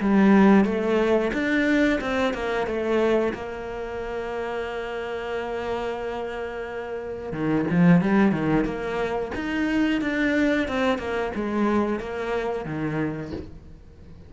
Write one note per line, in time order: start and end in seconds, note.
0.00 0.65 G3
0.65 1.31 A3
1.33 1.99 D4
2.00 2.33 C4
2.33 2.66 A#3
2.66 3.33 A3
3.33 7.32 A#3
7.32 7.65 D#3
7.70 8.01 F3
8.01 8.32 G3
8.32 8.65 D#3
8.65 9.31 A#3
9.35 10.01 D#4
10.01 10.68 D4
10.68 10.98 C4
10.98 11.31 A#3
11.35 11.99 G#3
11.99 12.65 A#3
12.65 13.32 D#3